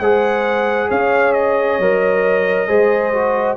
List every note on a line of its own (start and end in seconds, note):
0.00 0.90 G#3
0.00 1.82 G#4
0.00 0.89 C5
0.00 0.90 F#5
0.89 1.80 C#4
0.89 2.68 C#5
0.89 1.33 F5
1.33 3.57 D#5
1.80 2.69 F#3
1.80 2.68 A#4
2.68 3.57 G#3
2.68 3.13 G#4
2.68 3.57 C5
3.14 3.57 F#4